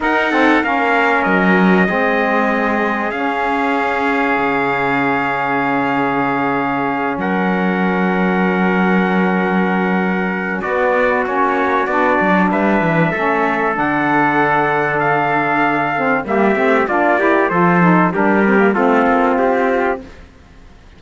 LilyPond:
<<
  \new Staff \with { instrumentName = "trumpet" } { \time 4/4 \tempo 4 = 96 fis''4 f''4 dis''2~ | dis''4 f''2.~ | f''2.~ f''8 fis''8~ | fis''1~ |
fis''4 d''4 cis''4 d''4 | e''2 fis''2 | f''2 e''4 d''4 | c''4 ais'4 a'4 g'4 | }
  \new Staff \with { instrumentName = "trumpet" } { \time 4/4 ais'8 a'8 ais'2 gis'4~ | gis'1~ | gis'2.~ gis'8 ais'8~ | ais'1~ |
ais'4 fis'2. | b'4 a'2.~ | a'2 g'4 f'8 g'8 | a'4 g'4 f'2 | }
  \new Staff \with { instrumentName = "saxophone" } { \time 4/4 dis'8 c'8 cis'2 c'4~ | c'4 cis'2.~ | cis'1~ | cis'1~ |
cis'4 b4 cis'4 d'4~ | d'4 cis'4 d'2~ | d'4. c'8 ais8 c'8 d'8 e'8 | f'8 dis'8 d'8 c'16 ais16 c'2 | }
  \new Staff \with { instrumentName = "cello" } { \time 4/4 dis'4 ais4 fis4 gis4~ | gis4 cis'2 cis4~ | cis2.~ cis8 fis8~ | fis1~ |
fis4 b4 ais4 b8 fis8 | g8 e8 a4 d2~ | d2 g8 a8 ais4 | f4 g4 a8 ais8 c'4 | }
>>